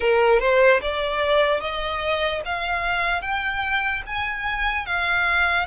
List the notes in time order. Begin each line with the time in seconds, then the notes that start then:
0.00 A#4
0.39 C5
0.81 D5
1.60 D#5
2.45 F5
3.21 G5
4.06 G#5
4.86 F5